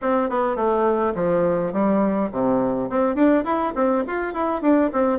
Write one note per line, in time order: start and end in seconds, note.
0.01 0.29 C4
0.29 0.56 B3
0.56 1.13 A3
1.15 1.72 F3
1.73 2.30 G3
2.31 2.89 C3
2.89 3.15 C4
3.15 3.44 D4
3.44 3.73 E4
3.75 4.04 C4
4.07 4.33 F4
4.33 4.61 E4
4.61 4.90 D4
4.92 5.19 C4